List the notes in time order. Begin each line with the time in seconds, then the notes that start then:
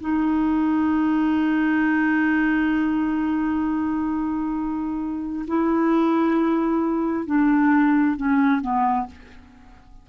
0.00 D#4
5.47 E4
7.26 D4
8.17 C#4
8.61 B3